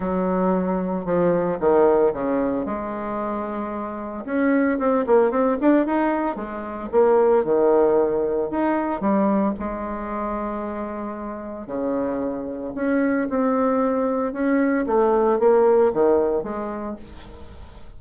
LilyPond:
\new Staff \with { instrumentName = "bassoon" } { \time 4/4 \tempo 4 = 113 fis2 f4 dis4 | cis4 gis2. | cis'4 c'8 ais8 c'8 d'8 dis'4 | gis4 ais4 dis2 |
dis'4 g4 gis2~ | gis2 cis2 | cis'4 c'2 cis'4 | a4 ais4 dis4 gis4 | }